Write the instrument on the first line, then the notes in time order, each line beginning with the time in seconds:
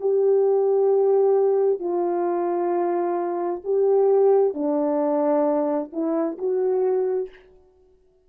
horn
0.00 G4
1.79 F4
3.64 G4
4.54 D4
5.92 E4
6.38 F#4